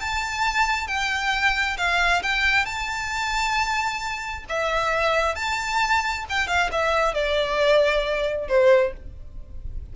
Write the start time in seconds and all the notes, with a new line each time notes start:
0.00 A5
0.87 G5
1.77 F5
2.22 G5
2.65 A5
4.49 E5
5.35 A5
6.29 G5
6.47 F5
6.72 E5
7.14 D5
8.48 C5